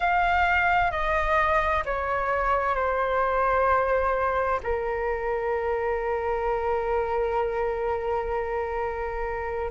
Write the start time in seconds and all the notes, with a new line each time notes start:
0.00 F5
0.91 D#5
1.85 C#5
2.75 C5
4.63 A#4